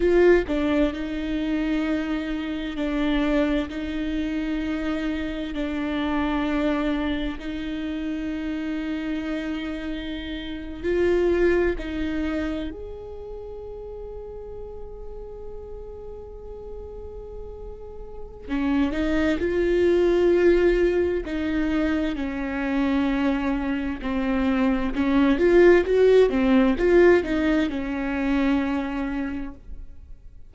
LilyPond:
\new Staff \with { instrumentName = "viola" } { \time 4/4 \tempo 4 = 65 f'8 d'8 dis'2 d'4 | dis'2 d'2 | dis'2.~ dis'8. f'16~ | f'8. dis'4 gis'2~ gis'16~ |
gis'1 | cis'8 dis'8 f'2 dis'4 | cis'2 c'4 cis'8 f'8 | fis'8 c'8 f'8 dis'8 cis'2 | }